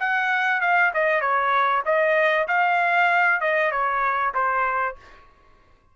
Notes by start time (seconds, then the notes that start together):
0.00 F#5
0.61 F5
0.94 D#5
1.21 C#5
1.86 D#5
2.48 F5
3.41 D#5
3.71 C#5
4.34 C5